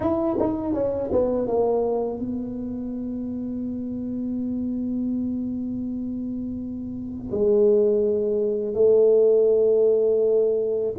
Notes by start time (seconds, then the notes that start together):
0.00 E4
0.39 D#4
0.73 C#4
1.12 B3
1.47 A#3
2.19 B3
7.31 G#3
8.74 A3